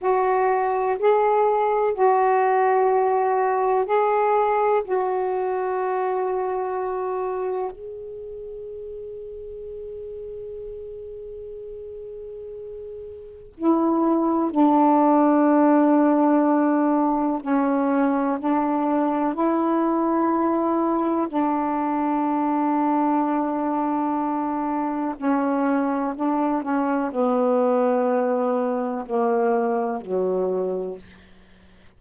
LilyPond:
\new Staff \with { instrumentName = "saxophone" } { \time 4/4 \tempo 4 = 62 fis'4 gis'4 fis'2 | gis'4 fis'2. | gis'1~ | gis'2 e'4 d'4~ |
d'2 cis'4 d'4 | e'2 d'2~ | d'2 cis'4 d'8 cis'8 | b2 ais4 fis4 | }